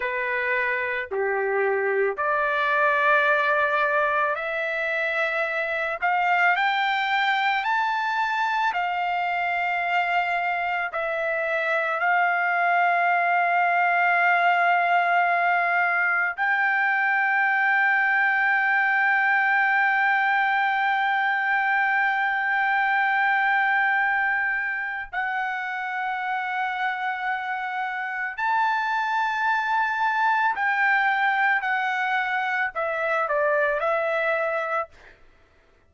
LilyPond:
\new Staff \with { instrumentName = "trumpet" } { \time 4/4 \tempo 4 = 55 b'4 g'4 d''2 | e''4. f''8 g''4 a''4 | f''2 e''4 f''4~ | f''2. g''4~ |
g''1~ | g''2. fis''4~ | fis''2 a''2 | g''4 fis''4 e''8 d''8 e''4 | }